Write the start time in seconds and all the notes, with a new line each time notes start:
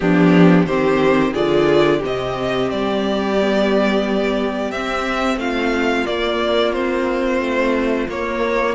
0.00 F3 B3 D4 G4
0.66 D#3 C4 G4 C5
1.32 D3 F4 G#4 D5
1.98 C3 C4 G4
2.05 D#5
2.70 G3 D5
3.40 B3
4.71 C4 E5
5.36 A3 F4 F5
6.05 A#3 D5
6.72 C4 C5
7.40 A3
8.08 A#3 C#5